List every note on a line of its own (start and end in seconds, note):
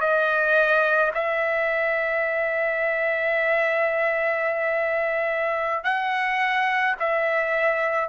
0.00 1.11 D#5
1.14 5.84 E5
5.84 6.95 F#5
6.99 8.09 E5